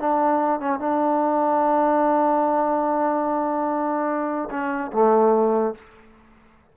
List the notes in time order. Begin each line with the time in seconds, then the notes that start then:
0.00 D4
0.61 C#4
0.80 D4
4.51 C#4
4.93 A3